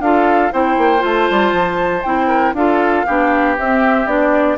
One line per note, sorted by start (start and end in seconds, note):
0.00 0.51 D4
0.00 0.51 F4
0.00 0.53 A4
0.00 0.52 F5
0.51 0.77 C4
0.51 0.99 E4
0.51 2.28 C5
0.51 1.04 G5
0.77 1.03 A#3
0.99 1.29 A3
0.99 2.00 F4
1.06 2.03 A5
1.31 1.53 G3
1.53 2.04 F3
2.03 2.53 C4
2.03 2.56 E4
2.03 2.54 G5
2.28 2.53 A#4
2.53 3.04 D4
2.53 3.07 F4
2.53 3.06 A4
2.53 3.57 F5
3.06 3.58 B3
3.06 3.58 D4
3.06 4.58 G4
3.58 4.06 C4
3.58 4.07 C4
3.58 4.07 E5
4.06 4.57 B3
4.06 4.58 D4
4.06 4.58 D5